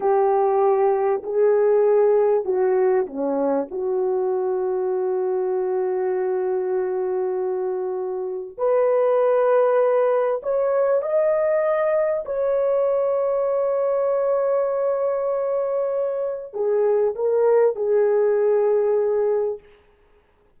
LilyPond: \new Staff \with { instrumentName = "horn" } { \time 4/4 \tempo 4 = 98 g'2 gis'2 | fis'4 cis'4 fis'2~ | fis'1~ | fis'2 b'2~ |
b'4 cis''4 dis''2 | cis''1~ | cis''2. gis'4 | ais'4 gis'2. | }